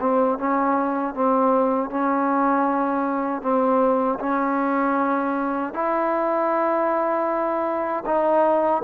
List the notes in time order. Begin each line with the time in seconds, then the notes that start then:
0.00 C4
0.38 C#4
1.14 C4
1.90 C#4
3.42 C4
4.20 C#4
5.73 E4
8.06 D#4